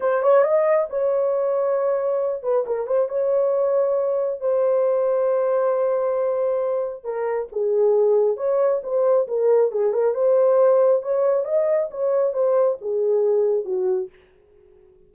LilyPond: \new Staff \with { instrumentName = "horn" } { \time 4/4 \tempo 4 = 136 c''8 cis''8 dis''4 cis''2~ | cis''4. b'8 ais'8 c''8 cis''4~ | cis''2 c''2~ | c''1 |
ais'4 gis'2 cis''4 | c''4 ais'4 gis'8 ais'8 c''4~ | c''4 cis''4 dis''4 cis''4 | c''4 gis'2 fis'4 | }